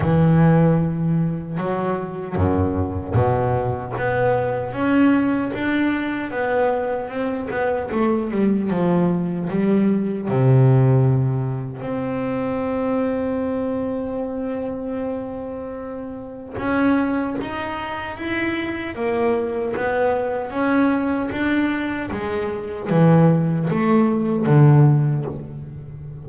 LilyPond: \new Staff \with { instrumentName = "double bass" } { \time 4/4 \tempo 4 = 76 e2 fis4 fis,4 | b,4 b4 cis'4 d'4 | b4 c'8 b8 a8 g8 f4 | g4 c2 c'4~ |
c'1~ | c'4 cis'4 dis'4 e'4 | ais4 b4 cis'4 d'4 | gis4 e4 a4 d4 | }